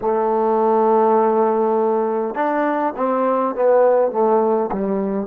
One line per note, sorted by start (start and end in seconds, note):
0.01 2.34 A3
2.34 2.93 D4
2.96 3.55 C4
3.55 4.11 B3
4.11 4.70 A3
4.72 5.27 G3